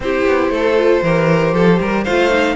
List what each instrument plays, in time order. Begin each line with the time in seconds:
0.00 cello C4, viola E4, violin G4 C5
0.26 cello B3
0.49 cello A3, violin A4
0.76 viola F4
1.02 cello E3, viola G4, violin A#4
1.53 cello F3, violin A4
1.80 cello G3, violin A#4
2.04 cello A3, viola F4, violin C5 F5
2.30 viola D#4